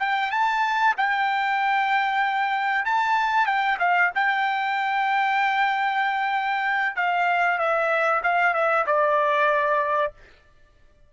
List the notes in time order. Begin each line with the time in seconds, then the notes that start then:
0.00 G5
0.32 A5
0.98 G5
2.86 A5
3.47 G5
3.80 F5
4.15 G5
6.97 F5
7.59 E5
8.24 F5
8.54 E5
8.87 D5